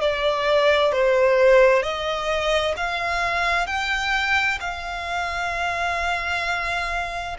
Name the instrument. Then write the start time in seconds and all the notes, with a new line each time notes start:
violin
0.00 D5
0.92 C5
1.82 D#5
2.76 F5
3.66 G5
4.60 F5